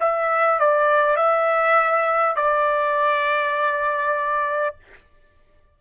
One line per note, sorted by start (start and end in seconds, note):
0.00 0.59 E5
0.59 1.16 D5
1.16 2.36 E5
2.36 4.76 D5